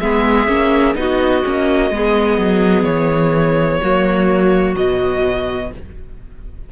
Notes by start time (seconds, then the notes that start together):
0.00 G#3 B3 G#4 E5
0.47 A#3 C#4
0.95 B3 D#4 F#4 D#5
1.44 A#3 C#4
1.90 G#3 B3 G#4
2.38 F#3
2.84 E3 C#5
3.81 F#3 A#3 F#4
4.76 B2 F#3 D#5